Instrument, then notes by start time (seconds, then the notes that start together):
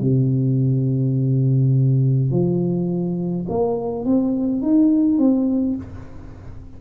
tuba
0.00 C3
2.31 F3
3.49 A#3
4.05 C4
4.62 D#4
5.18 C4